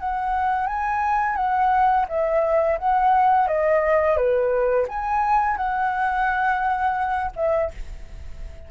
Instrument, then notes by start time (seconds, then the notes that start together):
flute
0.00 F#5
0.67 G#5
1.36 F#5
2.09 E5
2.79 F#5
3.48 D#5
4.17 B4
4.89 G#5
5.57 F#5
7.36 E5